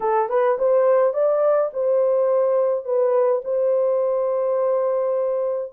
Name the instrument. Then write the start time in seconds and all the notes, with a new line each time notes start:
horn
0.00 A4
0.29 B4
0.58 C5
1.13 D5
1.73 C5
2.84 B4
3.44 C5